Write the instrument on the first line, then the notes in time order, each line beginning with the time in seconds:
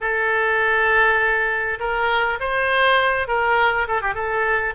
oboe
0.00 A4
1.79 A#4
2.40 C5
3.27 A#4
3.87 A4
4.01 G4
4.14 A4